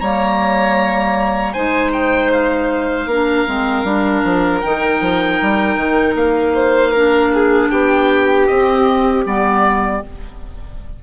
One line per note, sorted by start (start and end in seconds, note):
0.00 1.55 G3
0.00 1.56 A#3
0.00 1.53 C#5
0.00 1.53 A#5
1.53 3.06 G#3
1.53 3.10 D#4
1.53 3.07 C5
1.53 1.92 G#5
1.93 2.32 G5
2.32 4.61 F5
3.06 3.45 A#3
3.06 3.47 D4
3.06 6.54 A#4
3.47 3.84 G#3
3.47 3.85 C4
3.84 4.23 G3
3.84 4.62 D4
4.24 4.62 F3
4.61 5.01 D#3
4.61 6.94 D#4
4.61 6.15 G5
5.01 5.40 F3
5.42 5.77 G3
5.77 6.15 D#3
6.16 7.69 A#3
6.16 7.71 F5
6.54 6.92 C5
6.92 8.49 D4
6.92 7.30 A#4
7.34 7.71 G#4
7.71 8.49 B3
7.71 10.02 G4
7.71 8.47 G5
8.47 9.26 C4
8.47 9.25 C4
8.47 9.24 D#5
9.25 10.03 G3
9.25 10.02 B3
9.25 10.04 D5